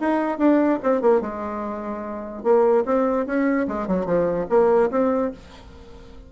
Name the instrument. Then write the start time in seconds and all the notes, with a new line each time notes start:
bassoon
0.00 D#4
0.38 D4
0.83 C4
1.01 A#3
1.21 G#3
2.44 A#3
2.85 C4
3.26 C#4
3.68 G#3
3.87 F#3
4.06 F3
4.49 A#3
4.91 C4